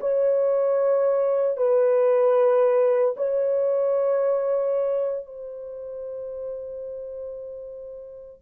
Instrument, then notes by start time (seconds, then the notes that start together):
horn
0.00 C#5
1.56 B4
3.16 C#5
5.26 C5